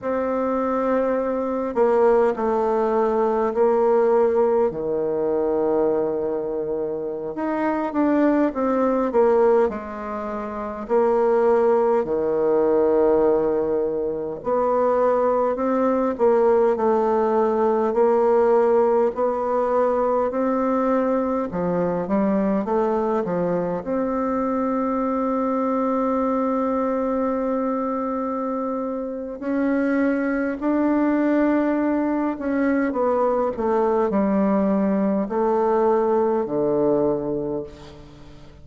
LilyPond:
\new Staff \with { instrumentName = "bassoon" } { \time 4/4 \tempo 4 = 51 c'4. ais8 a4 ais4 | dis2~ dis16 dis'8 d'8 c'8 ais16~ | ais16 gis4 ais4 dis4.~ dis16~ | dis16 b4 c'8 ais8 a4 ais8.~ |
ais16 b4 c'4 f8 g8 a8 f16~ | f16 c'2.~ c'8.~ | c'4 cis'4 d'4. cis'8 | b8 a8 g4 a4 d4 | }